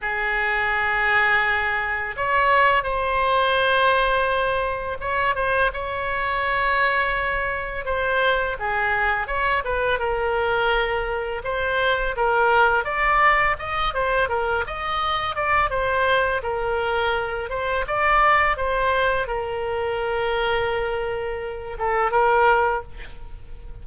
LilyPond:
\new Staff \with { instrumentName = "oboe" } { \time 4/4 \tempo 4 = 84 gis'2. cis''4 | c''2. cis''8 c''8 | cis''2. c''4 | gis'4 cis''8 b'8 ais'2 |
c''4 ais'4 d''4 dis''8 c''8 | ais'8 dis''4 d''8 c''4 ais'4~ | ais'8 c''8 d''4 c''4 ais'4~ | ais'2~ ais'8 a'8 ais'4 | }